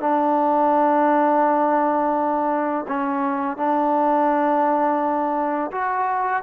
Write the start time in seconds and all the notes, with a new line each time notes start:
0.00 D4
2.88 C#4
3.57 D4
5.71 F#4